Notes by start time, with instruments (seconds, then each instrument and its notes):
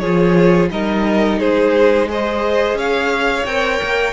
0.00 cello F3, viola F4, violin G#4 C#5
0.71 cello G3, viola D#4, violin A#4 D#5
1.40 cello G#3, violin G#4 C5
2.09 viola G#4, violin C5 D#5
2.74 cello C#4, violin C#5 F5
3.46 cello C4, viola A#4, violin G5
3.83 cello A#3